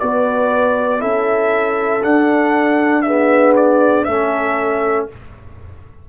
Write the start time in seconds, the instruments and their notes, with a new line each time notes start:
0.00 tuba B3, trombone F#4, horn B4, trumpet D5
1.00 tuba C#4, trombone E4, horn A4, trumpet E5
2.03 trombone D4, tuba D4, trumpet F#5
3.02 trombone B3, horn G#4, trumpet E5
3.56 trumpet D5
4.05 tuba A3, trombone C#4, horn A4, trumpet E5